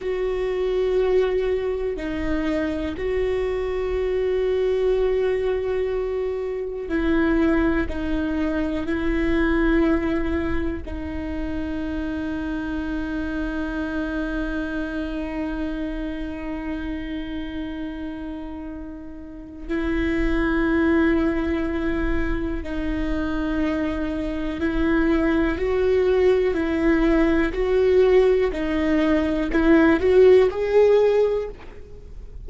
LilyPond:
\new Staff \with { instrumentName = "viola" } { \time 4/4 \tempo 4 = 61 fis'2 dis'4 fis'4~ | fis'2. e'4 | dis'4 e'2 dis'4~ | dis'1~ |
dis'1 | e'2. dis'4~ | dis'4 e'4 fis'4 e'4 | fis'4 dis'4 e'8 fis'8 gis'4 | }